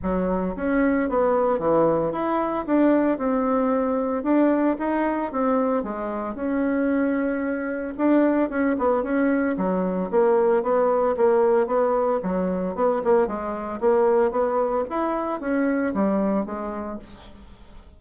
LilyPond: \new Staff \with { instrumentName = "bassoon" } { \time 4/4 \tempo 4 = 113 fis4 cis'4 b4 e4 | e'4 d'4 c'2 | d'4 dis'4 c'4 gis4 | cis'2. d'4 |
cis'8 b8 cis'4 fis4 ais4 | b4 ais4 b4 fis4 | b8 ais8 gis4 ais4 b4 | e'4 cis'4 g4 gis4 | }